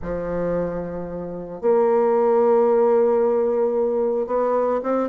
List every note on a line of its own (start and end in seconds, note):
0.01 1.61 F3
1.61 4.26 A#3
4.26 4.80 B3
4.83 5.09 C4